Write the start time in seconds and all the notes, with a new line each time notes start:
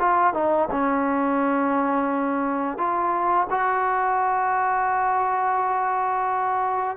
0.00 F4
0.34 D#4
0.71 C#4
2.78 F4
3.51 F#4